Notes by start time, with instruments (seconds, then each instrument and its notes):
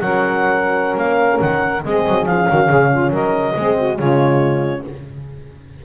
0.00 double bass F#3, horn C#4, saxophone A#4, clarinet F#5
0.97 double bass A#3, clarinet F5
1.40 double bass D#3, clarinet F#5
1.84 double bass G#3, horn C4, saxophone G#4, clarinet D#5
2.07 double bass F#3
2.26 double bass F3, horn C#4, clarinet F5
2.49 double bass D#3, saxophone F#4
2.67 double bass C#3, saxophone G#4
2.91 saxophone F4
3.10 double bass F#3, saxophone A#4, clarinet D#5
3.56 double bass G#3, horn C4, saxophone G#4
3.77 saxophone F#4
3.95 double bass C#3, horn G#3, saxophone F4, clarinet C#5